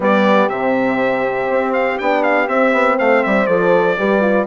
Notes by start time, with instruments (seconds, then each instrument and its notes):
0.00 bassoon G3, horn B3 G4, trumpet D5
0.47 bassoon C3, horn C4, trumpet E5
1.49 bassoon C4
1.73 trumpet F5
1.98 bassoon B3, horn D4, trumpet G5
2.23 trumpet F5
2.48 bassoon C4, horn C4, trumpet E5
2.72 bassoon B3
2.97 bassoon A3, horn C5, trumpet F5
3.23 bassoon G3, trumpet E5
3.46 bassoon F3, horn A4, trumpet D5
3.97 bassoon G3, horn G4 B4
4.21 horn F4